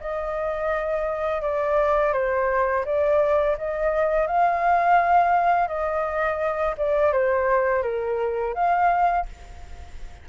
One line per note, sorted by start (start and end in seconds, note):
0.00 1.42 D#5
1.42 2.13 D5
2.13 2.84 C5
2.85 3.56 D5
3.57 4.27 D#5
4.27 5.68 F5
5.68 6.75 D#5
6.77 7.13 D5
7.13 7.82 C5
7.82 8.54 A#4
8.54 9.26 F5